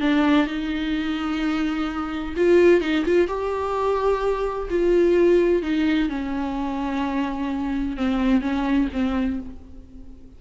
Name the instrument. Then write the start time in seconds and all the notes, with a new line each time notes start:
viola
0.00 D4
0.47 D#4
2.36 F4
2.81 D#4
3.05 F4
3.27 G4
4.70 F4
5.62 D#4
6.09 C#4
7.96 C4
8.41 C#4
8.93 C4